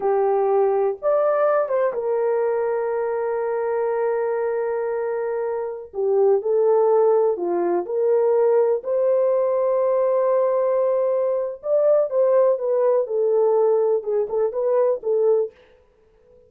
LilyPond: \new Staff \with { instrumentName = "horn" } { \time 4/4 \tempo 4 = 124 g'2 d''4. c''8 | ais'1~ | ais'1~ | ais'16 g'4 a'2 f'8.~ |
f'16 ais'2 c''4.~ c''16~ | c''1 | d''4 c''4 b'4 a'4~ | a'4 gis'8 a'8 b'4 a'4 | }